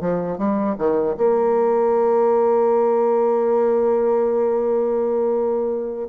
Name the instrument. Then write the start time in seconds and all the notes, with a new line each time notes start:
bassoon
0.00 F3
0.38 G3
0.78 D#3
1.17 A#3